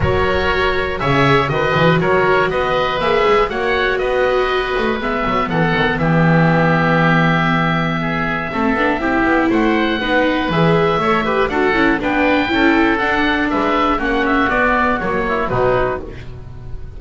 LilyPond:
<<
  \new Staff \with { instrumentName = "oboe" } { \time 4/4 \tempo 4 = 120 cis''2 e''4 dis''4 | cis''4 dis''4 e''4 fis''4 | dis''2 e''4 fis''4 | e''1~ |
e''2. fis''4~ | fis''4 e''2 fis''4 | g''2 fis''4 e''4 | fis''8 e''8 d''4 cis''4 b'4 | }
  \new Staff \with { instrumentName = "oboe" } { \time 4/4 ais'2 cis''4 b'4 | ais'4 b'2 cis''4 | b'2. a'4 | g'1 |
gis'4 a'4 g'4 c''4 | b'2 cis''8 b'8 a'4 | b'4 a'2 b'4 | fis'2~ fis'8 e'8 dis'4 | }
  \new Staff \with { instrumentName = "viola" } { \time 4/4 fis'2 gis'4 fis'4~ | fis'2 gis'4 fis'4~ | fis'2 b2~ | b1~ |
b4 c'8 d'8 e'2 | dis'4 gis'4 a'8 g'8 fis'8 e'8 | d'4 e'4 d'2 | cis'4 b4 ais4 fis4 | }
  \new Staff \with { instrumentName = "double bass" } { \time 4/4 fis2 cis4 dis8 e8 | fis4 b4 ais8 gis8 ais4 | b4. a8 gis8 fis8 e8 dis8 | e1~ |
e4 a8 b8 c'8 b8 a4 | b4 e4 a4 d'8 cis'8 | b4 cis'4 d'4 gis4 | ais4 b4 fis4 b,4 | }
>>